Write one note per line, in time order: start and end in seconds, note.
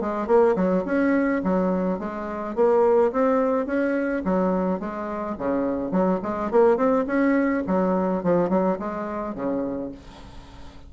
0.00 0.27 G#3
0.27 0.55 A#3
0.55 0.84 F#3
0.85 1.41 C#4
1.43 1.99 F#3
1.99 2.55 G#3
2.55 3.12 A#3
3.12 3.66 C4
3.66 4.22 C#4
4.24 4.79 F#3
4.79 5.36 G#3
5.38 5.91 C#3
5.91 6.20 F#3
6.22 6.51 G#3
6.51 6.76 A#3
6.76 7.05 C4
7.07 7.63 C#4
7.67 8.23 F#3
8.23 8.49 F3
8.49 8.77 F#3
8.78 9.34 G#3
9.34 9.91 C#3